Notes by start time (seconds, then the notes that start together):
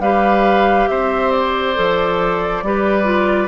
0.00 G3 G4 B4 F5
0.88 C4 C5 E5
1.32 D5
1.76 F3 A4
2.63 G3 G4 B4
3.05 F4